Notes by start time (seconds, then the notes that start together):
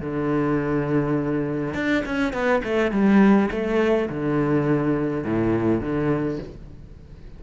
0.00 D3
1.74 D4
2.05 C#4
2.33 B3
2.63 A3
2.92 G3
3.51 A3
4.09 D3
5.24 A2
5.81 D3